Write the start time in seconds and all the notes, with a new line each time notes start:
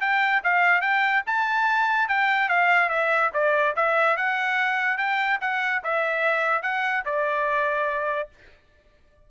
0.00 G5
0.43 F5
0.81 G5
1.26 A5
2.08 G5
2.49 F5
2.89 E5
3.33 D5
3.76 E5
4.16 F#5
4.97 G5
5.40 F#5
5.83 E5
6.62 F#5
7.05 D5